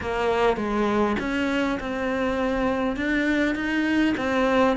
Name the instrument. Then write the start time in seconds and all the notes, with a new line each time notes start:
cello
0.01 A#3
0.56 G#3
1.19 C#4
1.80 C4
2.96 D4
3.55 D#4
4.17 C4